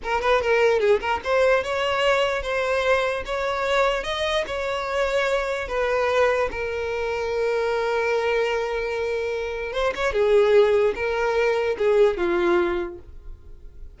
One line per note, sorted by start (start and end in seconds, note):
0.03 0.21 A#4
0.21 0.41 B4
0.41 0.79 A#4
0.79 0.99 G#4
1.00 1.20 A#4
1.24 1.63 C5
1.63 2.42 C#5
2.42 3.23 C5
3.25 4.03 C#5
4.03 4.44 D#5
4.46 5.68 C#5
5.68 6.49 B4
6.51 9.72 A#4
9.72 9.93 C5
9.95 10.12 C#5
10.12 10.93 G#4
10.95 11.76 A#4
11.78 12.17 G#4
12.17 12.98 F4